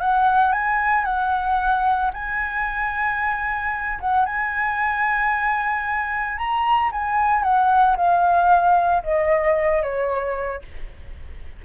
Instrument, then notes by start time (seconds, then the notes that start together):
flute
0.00 F#5
0.52 G#5
1.05 F#5
2.13 G#5
4.00 F#5
4.25 G#5
6.38 A#5
6.91 G#5
7.43 F#5
7.97 F5
9.03 D#5
9.83 C#5